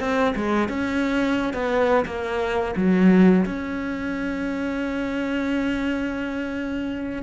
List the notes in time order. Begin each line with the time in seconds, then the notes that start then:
0.00 C4
0.36 G#3
0.69 C#4
1.54 B3
2.06 A#3
2.76 F#3
3.46 C#4